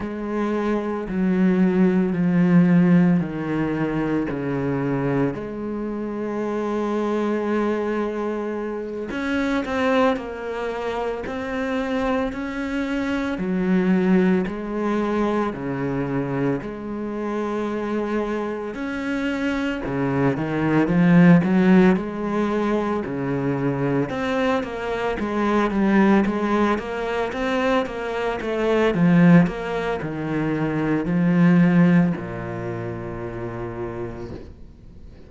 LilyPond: \new Staff \with { instrumentName = "cello" } { \time 4/4 \tempo 4 = 56 gis4 fis4 f4 dis4 | cis4 gis2.~ | gis8 cis'8 c'8 ais4 c'4 cis'8~ | cis'8 fis4 gis4 cis4 gis8~ |
gis4. cis'4 cis8 dis8 f8 | fis8 gis4 cis4 c'8 ais8 gis8 | g8 gis8 ais8 c'8 ais8 a8 f8 ais8 | dis4 f4 ais,2 | }